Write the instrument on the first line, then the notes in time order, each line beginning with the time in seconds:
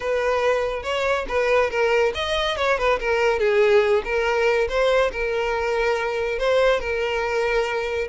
violin
0.00 B4
0.83 C#5
1.28 B4
1.70 A#4
2.14 D#5
2.56 C#5
2.78 B4
2.99 A#4
3.39 G#4
4.04 A#4
4.68 C5
5.12 A#4
6.38 C5
6.80 A#4